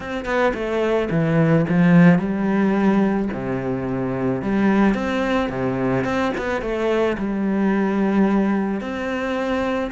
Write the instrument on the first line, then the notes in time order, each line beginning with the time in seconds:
cello
0.00 C4
0.25 B3
0.54 A3
1.10 E3
1.69 F3
2.18 G3
3.33 C3
4.42 G3
4.94 C4
5.49 C3
6.04 C4
6.37 B3
6.61 A3
7.17 G3
8.80 C4